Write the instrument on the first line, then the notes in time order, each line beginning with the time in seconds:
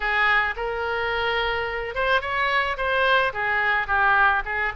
oboe
0.00 G#4
0.56 A#4
1.94 C5
2.21 C#5
2.77 C5
3.33 G#4
3.87 G4
4.45 G#4